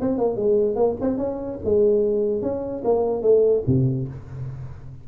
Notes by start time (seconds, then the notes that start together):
0.00 C4
0.18 A#3
0.36 G#3
0.75 A#3
1.00 C4
1.17 C#4
1.64 G#3
2.42 C#4
2.84 A#3
3.22 A3
3.66 C3